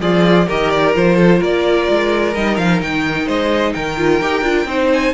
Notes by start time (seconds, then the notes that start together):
0.00 F3 F4 G#4 D5
0.46 D#3 G4 A#4 D#5
0.70 D5
0.94 F3 F4 C5
1.16 A4
1.38 A#3 A#4 D5
1.89 G#3
2.34 G3 D#4 D#5
2.57 F3 F5
2.80 D#3 G5
3.26 G#3 C5 D#5
3.73 D#3 A#4 G5
3.97 F4
4.21 D#4 G4
4.42 D4 F4
4.65 C4 D#4 C5
4.93 G#5